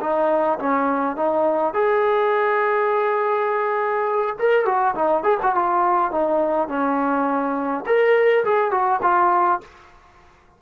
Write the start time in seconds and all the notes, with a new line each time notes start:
0.00 D#4
0.59 C#4
1.16 D#4
1.73 G#4
4.39 A#4
4.65 F#4
4.95 D#4
5.23 G#4
5.42 F#4
5.54 F4
6.11 D#4
6.68 C#4
7.86 A#4
8.44 G#4
8.71 F#4
9.02 F4